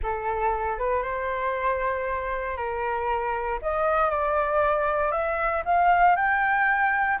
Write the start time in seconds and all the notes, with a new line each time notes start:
0.02 A4
0.78 B4
1.03 C5
2.56 A#4
3.62 D#5
4.10 D5
5.11 E5
5.65 F5
6.16 G5